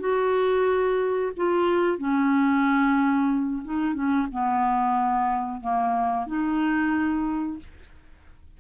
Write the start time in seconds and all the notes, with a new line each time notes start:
0.00 F#4
1.37 F4
1.98 C#4
3.65 D#4
3.94 C#4
4.32 B3
5.61 A#3
6.27 D#4